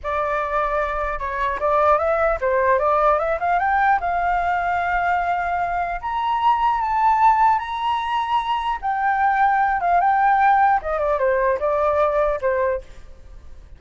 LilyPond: \new Staff \with { instrumentName = "flute" } { \time 4/4 \tempo 4 = 150 d''2. cis''4 | d''4 e''4 c''4 d''4 | e''8 f''8 g''4 f''2~ | f''2. ais''4~ |
ais''4 a''2 ais''4~ | ais''2 g''2~ | g''8 f''8 g''2 dis''8 d''8 | c''4 d''2 c''4 | }